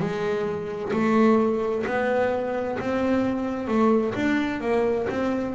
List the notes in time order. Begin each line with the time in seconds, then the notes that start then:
0.00 G#3
0.93 A3
1.87 B3
2.80 C4
3.68 A3
4.15 D4
4.61 A#3
5.10 C4